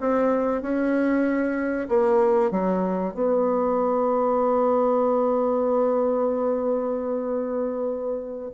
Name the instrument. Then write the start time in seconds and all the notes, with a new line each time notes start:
bassoon
0.00 C4
0.61 C#4
1.88 A#3
2.51 F#3
3.14 B3